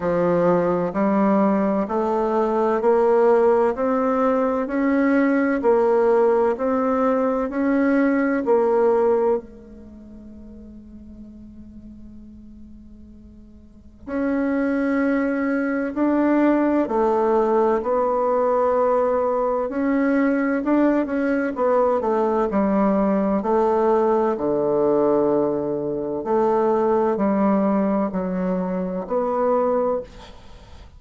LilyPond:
\new Staff \with { instrumentName = "bassoon" } { \time 4/4 \tempo 4 = 64 f4 g4 a4 ais4 | c'4 cis'4 ais4 c'4 | cis'4 ais4 gis2~ | gis2. cis'4~ |
cis'4 d'4 a4 b4~ | b4 cis'4 d'8 cis'8 b8 a8 | g4 a4 d2 | a4 g4 fis4 b4 | }